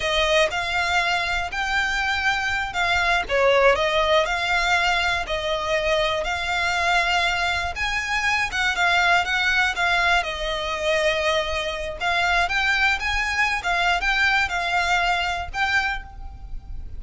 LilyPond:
\new Staff \with { instrumentName = "violin" } { \time 4/4 \tempo 4 = 120 dis''4 f''2 g''4~ | g''4. f''4 cis''4 dis''8~ | dis''8 f''2 dis''4.~ | dis''8 f''2. gis''8~ |
gis''4 fis''8 f''4 fis''4 f''8~ | f''8 dis''2.~ dis''8 | f''4 g''4 gis''4~ gis''16 f''8. | g''4 f''2 g''4 | }